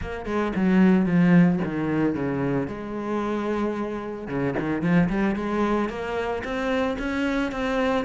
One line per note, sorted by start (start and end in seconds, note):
0.01 0.25 A#3
0.25 0.52 G#3
0.55 1.06 F#3
1.06 1.59 F3
1.64 2.14 D#3
2.14 2.67 C#3
2.67 4.27 G#3
4.27 4.54 C#3
4.59 4.82 D#3
4.82 5.08 F3
5.09 5.35 G3
5.35 5.89 G#3
5.89 6.42 A#3
6.43 6.97 C4
6.99 7.51 C#4
7.51 8.05 C4